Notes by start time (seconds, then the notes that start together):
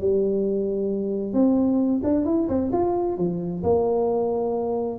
0.00 G3
1.33 C4
2.04 D4
2.26 E4
2.49 C4
2.73 F4
3.18 F3
3.63 A#3